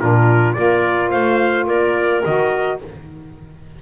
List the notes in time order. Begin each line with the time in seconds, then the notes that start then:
0.00 A#2 D4 F4 A#4
0.53 A#3 F4 A#4 D5
1.09 A3 C5 F5
1.66 A#3 A#4 D5
2.24 D#3 F#4 D#5